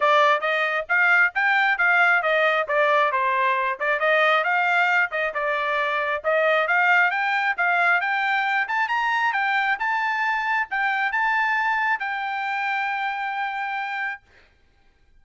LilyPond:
\new Staff \with { instrumentName = "trumpet" } { \time 4/4 \tempo 4 = 135 d''4 dis''4 f''4 g''4 | f''4 dis''4 d''4 c''4~ | c''8 d''8 dis''4 f''4. dis''8 | d''2 dis''4 f''4 |
g''4 f''4 g''4. a''8 | ais''4 g''4 a''2 | g''4 a''2 g''4~ | g''1 | }